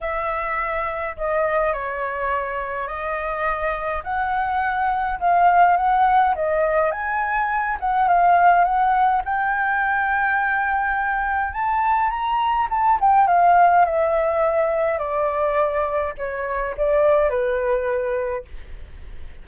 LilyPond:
\new Staff \with { instrumentName = "flute" } { \time 4/4 \tempo 4 = 104 e''2 dis''4 cis''4~ | cis''4 dis''2 fis''4~ | fis''4 f''4 fis''4 dis''4 | gis''4. fis''8 f''4 fis''4 |
g''1 | a''4 ais''4 a''8 g''8 f''4 | e''2 d''2 | cis''4 d''4 b'2 | }